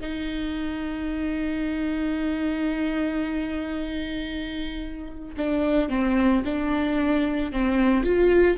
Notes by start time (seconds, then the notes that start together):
0.00 D#4
5.37 D4
5.89 C4
6.45 D4
7.52 C4
8.04 F4